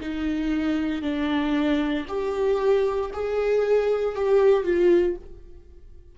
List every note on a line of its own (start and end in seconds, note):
0.00 1.02 D#4
1.02 2.05 D4
2.07 3.11 G4
3.13 4.15 G#4
4.15 4.64 G4
4.64 5.15 F4